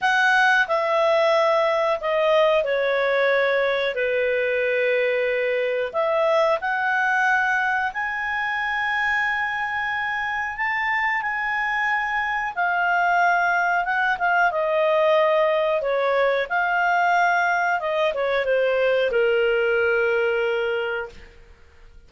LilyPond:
\new Staff \with { instrumentName = "clarinet" } { \time 4/4 \tempo 4 = 91 fis''4 e''2 dis''4 | cis''2 b'2~ | b'4 e''4 fis''2 | gis''1 |
a''4 gis''2 f''4~ | f''4 fis''8 f''8 dis''2 | cis''4 f''2 dis''8 cis''8 | c''4 ais'2. | }